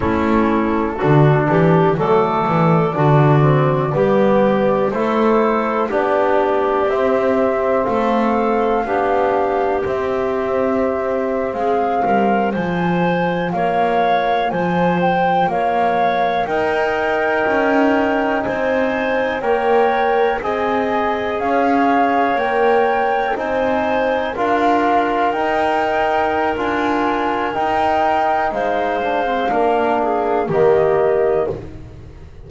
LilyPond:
<<
  \new Staff \with { instrumentName = "flute" } { \time 4/4 \tempo 4 = 61 a'2 d''2~ | d''4 c''4 d''4 e''4 | f''2 e''4.~ e''16 f''16~ | f''8. gis''4 f''4 gis''8 g''8 f''16~ |
f''8. g''2 gis''4 g''16~ | g''8. gis''4 f''4 g''4 gis''16~ | gis''8. f''4 g''4~ g''16 gis''4 | g''4 f''2 dis''4 | }
  \new Staff \with { instrumentName = "clarinet" } { \time 4/4 e'4 fis'8 g'8 a'4 fis'4 | g'4 a'4 g'2 | a'4 g'2~ g'8. gis'16~ | gis'16 ais'8 c''4 cis''4 c''4 cis''16~ |
cis''8. ais'2 c''4 cis''16~ | cis''8. dis''4 cis''2 c''16~ | c''8. ais'2.~ ais'16~ | ais'4 c''4 ais'8 gis'8 g'4 | }
  \new Staff \with { instrumentName = "trombone" } { \time 4/4 cis'4 d'4 a4 d'8 c'8 | b4 e'4 d'4 c'4~ | c'4 d'4 c'2~ | c'8. f'2.~ f'16~ |
f'8. dis'2. ais'16~ | ais'8. gis'2 ais'4 dis'16~ | dis'8. f'4 dis'4~ dis'16 f'4 | dis'4. d'16 c'16 d'4 ais4 | }
  \new Staff \with { instrumentName = "double bass" } { \time 4/4 a4 d8 e8 fis8 e8 d4 | g4 a4 b4 c'4 | a4 b4 c'4.~ c'16 gis16~ | gis16 g8 f4 ais4 f4 ais16~ |
ais8. dis'4 cis'4 c'4 ais16~ | ais8. c'4 cis'4 ais4 c'16~ | c'8. d'4 dis'4~ dis'16 d'4 | dis'4 gis4 ais4 dis4 | }
>>